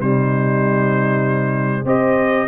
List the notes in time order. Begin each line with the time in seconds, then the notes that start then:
0.00 C3 G3 D#4 C5
1.84 C4 G4 C5 D#5